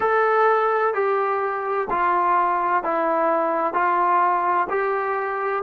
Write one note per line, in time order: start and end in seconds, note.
0.00 0.94 A4
0.94 1.87 G4
1.90 2.83 F4
2.83 3.73 E4
3.73 4.67 F4
4.69 5.63 G4